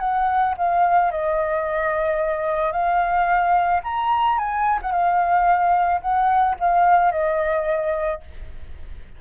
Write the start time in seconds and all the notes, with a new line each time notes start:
0.00 F#5
0.58 F5
1.12 D#5
2.72 F5
3.84 A#5
4.39 G#5
4.82 F#5
4.92 F5
6.01 F#5
6.60 F5
7.12 D#5